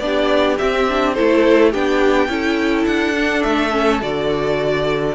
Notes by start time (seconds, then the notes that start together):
0.00 B3 D4 G4 D5
0.59 C4 E5
0.89 D4
1.14 A3 E4 A4 C5
1.72 B3 D4 G4 G5
2.29 C#4 E4 A4
2.86 D4 F#5
3.16 D4
3.43 A3 E5
3.72 C#4
4.01 D3 F#4 D5